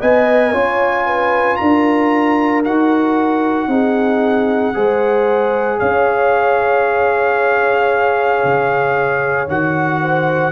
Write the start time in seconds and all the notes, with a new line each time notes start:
0.00 B3 B4 D#5 G#5
0.52 C#4 F4 C#5
1.05 B4
1.56 D4 A#4 A#5
2.64 D#4 F#4 F#5
3.67 C4 D#4 G#4
4.74 G#3 G#4 C5
5.79 C#4 C#5 F5
8.44 C#3
9.48 D#3 F#4 F#5
10.01 C5